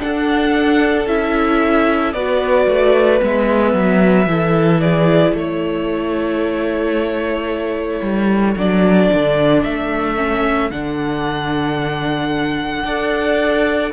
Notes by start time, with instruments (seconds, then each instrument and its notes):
0.00 viola D4, cello D4, violin A4 F#5
1.07 cello C#4, viola E4, violin E5
2.13 cello B3, viola F#4, violin B4 D5
2.68 cello A3
3.20 cello G#3, viola B3, violin E5
3.74 cello F#3
4.26 cello E3, viola E4, violin A4
4.81 violin G#4 D5
5.33 cello A3, violin A4 C#5
8.02 cello G3
8.57 cello F#3, viola D4, violin D5
9.13 cello D3
9.64 cello A3, violin E5
10.17 viola C#4
10.71 cello D3, viola D4, violin F#5
12.84 cello D4, viola A4, violin D5